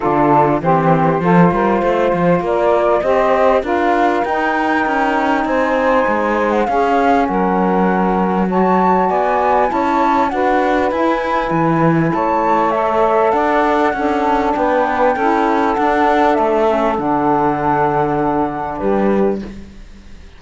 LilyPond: <<
  \new Staff \with { instrumentName = "flute" } { \time 4/4 \tempo 4 = 99 a'4 c''2. | d''4 dis''4 f''4 g''4~ | g''4 gis''4.~ gis''16 fis''16 f''4 | fis''2 a''4 gis''4 |
a''4 fis''4 gis''2 | a''4 e''4 fis''2 | g''2 fis''4 e''4 | fis''2. b'4 | }
  \new Staff \with { instrumentName = "saxophone" } { \time 4/4 f'4 g'4 a'8 ais'8 c''4 | ais'4 c''4 ais'2~ | ais'4 c''2 gis'4 | ais'2 cis''4 d''4 |
cis''4 b'2. | cis''2 d''4 a'4 | b'4 a'2.~ | a'2. g'4 | }
  \new Staff \with { instrumentName = "saxophone" } { \time 4/4 d'4 c'4 f'2~ | f'4 g'4 f'4 dis'4~ | dis'2. cis'4~ | cis'2 fis'2 |
e'4 fis'4 e'2~ | e'4 a'2 d'4~ | d'4 e'4 d'4. cis'8 | d'1 | }
  \new Staff \with { instrumentName = "cello" } { \time 4/4 d4 e4 f8 g8 a8 f8 | ais4 c'4 d'4 dis'4 | cis'4 c'4 gis4 cis'4 | fis2. b4 |
cis'4 d'4 e'4 e4 | a2 d'4 cis'4 | b4 cis'4 d'4 a4 | d2. g4 | }
>>